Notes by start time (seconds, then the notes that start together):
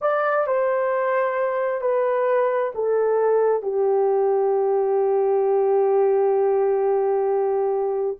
0.01 D5
0.47 C5
1.81 B4
2.74 A4
3.62 G4